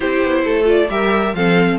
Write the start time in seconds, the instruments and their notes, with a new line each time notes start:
0.00 cello C4, viola E4, violin G4 C5
0.23 cello B3
0.44 cello A3, violin A4
0.64 viola F4, violin D5
0.89 cello G3, viola G4, violin A#4 E5
1.33 cello F3, viola C4, violin A4 F5